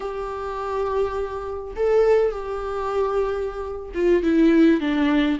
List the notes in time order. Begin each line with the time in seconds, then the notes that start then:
0.00 G4
1.76 A4
2.31 G4
3.94 F4
4.22 E4
4.80 D4